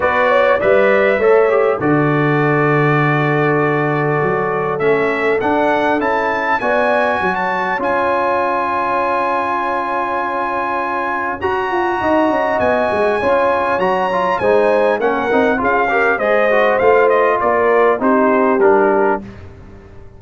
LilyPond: <<
  \new Staff \with { instrumentName = "trumpet" } { \time 4/4 \tempo 4 = 100 d''4 e''2 d''4~ | d''1 | e''4 fis''4 a''4 gis''4~ | gis''16 a''8. gis''2.~ |
gis''2. ais''4~ | ais''4 gis''2 ais''4 | gis''4 fis''4 f''4 dis''4 | f''8 dis''8 d''4 c''4 ais'4 | }
  \new Staff \with { instrumentName = "horn" } { \time 4/4 b'8 cis''8 d''4 cis''4 a'4~ | a'1~ | a'2. d''4 | cis''1~ |
cis''1 | dis''2 cis''2 | c''4 ais'4 gis'8 ais'8 c''4~ | c''4 ais'4 g'2 | }
  \new Staff \with { instrumentName = "trombone" } { \time 4/4 fis'4 b'4 a'8 g'8 fis'4~ | fis'1 | cis'4 d'4 e'4 fis'4~ | fis'4 f'2.~ |
f'2. fis'4~ | fis'2 f'4 fis'8 f'8 | dis'4 cis'8 dis'8 f'8 g'8 gis'8 fis'8 | f'2 dis'4 d'4 | }
  \new Staff \with { instrumentName = "tuba" } { \time 4/4 b4 g4 a4 d4~ | d2. fis4 | a4 d'4 cis'4 b4 | fis4 cis'2.~ |
cis'2. fis'8 f'8 | dis'8 cis'8 b8 gis8 cis'4 fis4 | gis4 ais8 c'8 cis'4 gis4 | a4 ais4 c'4 g4 | }
>>